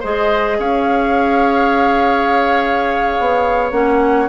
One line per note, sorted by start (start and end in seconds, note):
0.00 0.59 G#3
0.00 3.73 G#4
0.00 0.57 C5
0.00 0.60 D#5
0.59 3.16 C#4
0.59 4.29 C#5
0.59 3.72 F5
3.20 3.72 B3
3.72 4.29 A#3
3.72 4.29 C#4
3.72 4.29 F#5